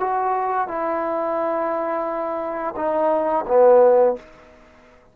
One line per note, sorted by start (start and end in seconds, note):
0.00 0.68 F#4
0.68 2.75 E4
2.76 3.45 D#4
3.47 4.16 B3